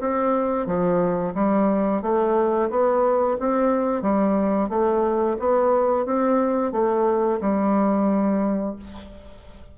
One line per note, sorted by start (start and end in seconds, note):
0.00 0.66 C4
0.66 1.34 F3
1.35 2.02 G3
2.02 2.70 A3
2.70 3.37 B3
3.40 4.02 C4
4.02 4.69 G3
4.69 5.37 A3
5.39 6.06 B3
6.06 6.72 C4
6.72 7.40 A3
7.41 8.76 G3